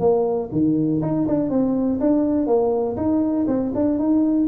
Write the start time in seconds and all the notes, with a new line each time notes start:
0.00 A#3
0.52 D#3
1.02 D#4
1.28 D4
1.50 C4
2.01 D4
2.47 A#3
2.97 D#4
3.48 C4
3.75 D4
3.99 D#4